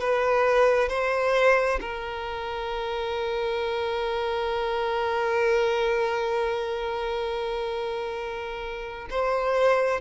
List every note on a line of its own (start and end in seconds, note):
0.00 0.88 B4
0.88 1.79 C5
1.81 9.08 A#4
9.10 10.01 C5